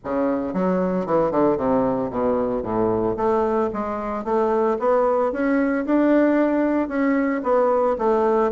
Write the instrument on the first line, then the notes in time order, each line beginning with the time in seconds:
bassoon
0.04 C#3
0.53 F#3
1.06 E3
1.31 D3
1.57 C3
2.10 B2
2.62 A2
3.16 A3
3.73 G#3
4.24 A3
4.79 B3
5.32 C#4
5.85 D4
6.88 C#4
7.43 B3
7.98 A3